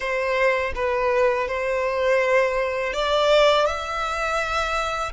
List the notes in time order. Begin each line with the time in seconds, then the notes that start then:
0.00 C5
0.75 B4
1.47 C5
2.93 D5
3.66 E5